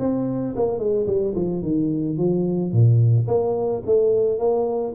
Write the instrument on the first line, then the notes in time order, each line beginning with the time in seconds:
tuba
0.00 C4
0.56 A#3
0.79 G#3
1.07 G3
1.35 F3
1.63 D#3
2.18 F3
2.73 A#2
3.28 A#3
3.86 A3
4.39 A#3